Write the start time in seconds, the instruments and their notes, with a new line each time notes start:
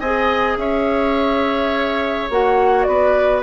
0.00 bassoon C4, clarinet G#4, oboe D#5, flute G#5
0.57 bassoon C#4, oboe C#5, flute E5
2.30 bassoon A#3, clarinet F#4, flute F#5
2.83 bassoon B3, oboe B4, flute D5